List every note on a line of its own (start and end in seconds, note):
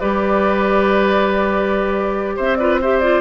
0.00 2.39 G3
0.00 2.60 G4
0.00 2.36 B4
0.00 2.37 D5
2.36 3.21 C4
2.36 2.58 C5
2.36 2.56 E5
2.56 2.81 F4
2.56 2.81 B4
2.56 2.77 D5
2.81 3.03 G4
2.81 3.21 C5
2.81 2.99 E5
2.99 3.21 F4
2.99 3.21 D5